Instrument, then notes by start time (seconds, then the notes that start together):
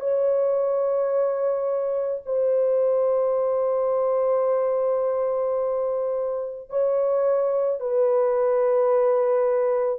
horn
0.00 C#5
2.26 C5
6.70 C#5
7.80 B4